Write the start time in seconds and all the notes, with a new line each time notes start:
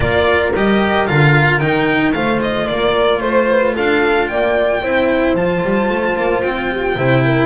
0.00 A#3 F4 A#4 D5
0.54 G3 G4 D#5
1.06 D3 F4 F5
1.58 D#3 D#4 G5
2.13 A3 F4 C5 F5
2.41 D#5
2.67 A#3 A#4 D5
3.20 A3 C5
3.49 B4
3.75 D4 A4 F5
4.27 A#3 D5 G5
4.81 C4 E4 C5
5.34 F3 F4 A5
5.63 G3
5.89 A3
6.16 A#3
6.41 C4 G5
6.71 G4
6.95 C3 E4 C5
7.24 A#4